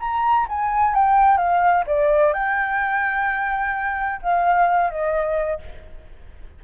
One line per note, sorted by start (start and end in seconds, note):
0.00 0.47 A#5
0.49 0.94 G#5
0.94 1.37 G5
1.37 1.84 F5
1.87 2.34 D5
2.34 4.21 G5
4.22 4.90 F5
4.90 5.61 D#5